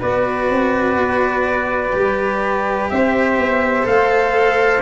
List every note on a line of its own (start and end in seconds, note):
0.00 0.50 B3
0.00 1.93 F#4
0.00 2.90 B4
0.00 2.90 D5
0.50 0.95 C4
0.95 1.92 B3
1.93 2.91 G3
1.93 3.83 G4
2.90 3.38 C4
2.90 4.83 C5
2.90 3.87 E5
3.38 3.87 B3
3.83 4.83 A3
3.83 4.80 A4
3.83 4.83 F5